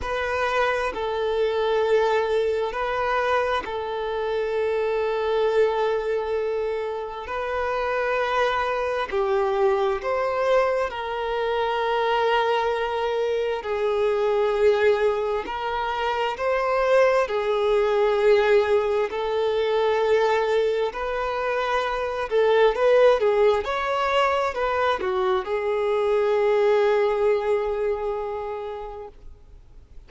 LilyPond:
\new Staff \with { instrumentName = "violin" } { \time 4/4 \tempo 4 = 66 b'4 a'2 b'4 | a'1 | b'2 g'4 c''4 | ais'2. gis'4~ |
gis'4 ais'4 c''4 gis'4~ | gis'4 a'2 b'4~ | b'8 a'8 b'8 gis'8 cis''4 b'8 fis'8 | gis'1 | }